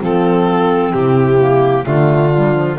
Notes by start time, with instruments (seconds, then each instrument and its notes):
0.00 double bass F3, clarinet C4, horn F4, violin A4
0.93 double bass C3, horn E4, violin G4
1.40 clarinet A#3
1.84 double bass D3, clarinet A3, horn D4, violin F4
2.35 clarinet G3
2.53 clarinet F3